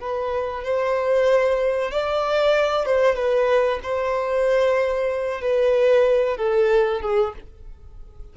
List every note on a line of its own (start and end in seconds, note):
0.00 0.64 B4
0.64 1.91 C5
1.91 2.86 D5
2.86 3.16 C5
3.16 3.79 B4
3.83 5.41 C5
5.41 6.37 B4
6.37 7.01 A4
7.01 7.33 G#4